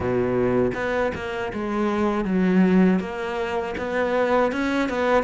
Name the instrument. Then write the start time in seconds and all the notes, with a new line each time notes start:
cello
0.00 B2
0.74 B3
1.15 A#3
1.53 G#3
2.24 F#3
2.99 A#3
3.77 B3
4.52 C#4
4.89 B3